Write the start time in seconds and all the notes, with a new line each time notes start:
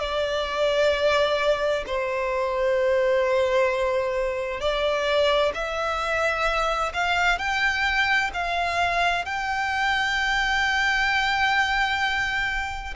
0.00 D5
1.87 C5
4.61 D5
5.54 E5
6.94 F5
7.39 G5
8.34 F5
9.26 G5